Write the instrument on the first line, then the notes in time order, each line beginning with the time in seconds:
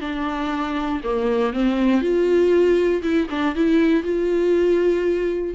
viola
0.00 D4
1.03 A#3
1.53 C4
2.01 F4
3.02 E4
3.30 D4
3.55 E4
4.03 F4